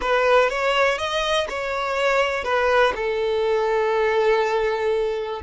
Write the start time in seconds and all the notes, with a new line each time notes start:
0.01 B4
0.49 C#5
0.97 D#5
1.49 C#5
2.43 B4
2.95 A4